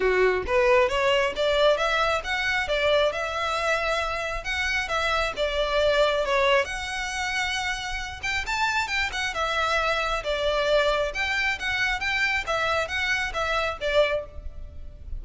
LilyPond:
\new Staff \with { instrumentName = "violin" } { \time 4/4 \tempo 4 = 135 fis'4 b'4 cis''4 d''4 | e''4 fis''4 d''4 e''4~ | e''2 fis''4 e''4 | d''2 cis''4 fis''4~ |
fis''2~ fis''8 g''8 a''4 | g''8 fis''8 e''2 d''4~ | d''4 g''4 fis''4 g''4 | e''4 fis''4 e''4 d''4 | }